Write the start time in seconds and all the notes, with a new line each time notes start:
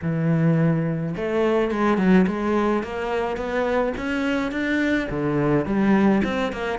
0.02 E3
1.16 A3
1.71 G#3
1.97 F#3
2.27 G#3
2.83 A#3
3.36 B3
3.97 C#4
4.51 D4
5.09 D3
5.65 G3
6.24 C4
6.52 A#3